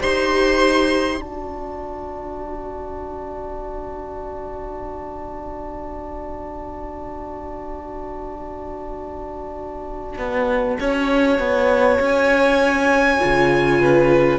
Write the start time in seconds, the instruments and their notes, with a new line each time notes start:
0.00 cello D#4, viola G4, violin C5 C6
1.17 cello D4, viola F#4, violin D5 A5
10.18 cello B3
10.80 cello C#4, violin C#5
11.39 cello B3
12.00 cello C#4, violin G#5
13.20 cello C#3, viola F4
13.80 violin B4